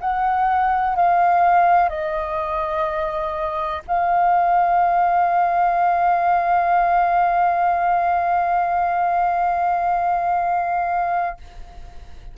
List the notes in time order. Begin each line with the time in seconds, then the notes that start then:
0.00 F#5
0.96 F5
1.89 D#5
3.88 F5